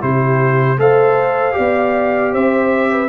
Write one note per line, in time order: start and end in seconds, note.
0.00 0.77 C3
0.00 0.77 E4
0.00 0.79 G4
0.00 0.79 C5
0.77 1.54 A3
0.77 1.52 A4
0.77 1.56 C5
0.77 2.33 F5
1.52 2.33 B3
1.52 3.06 G4
1.52 2.32 D5
2.32 3.09 C4
2.32 2.90 C5
2.32 3.09 E5
2.90 3.09 B4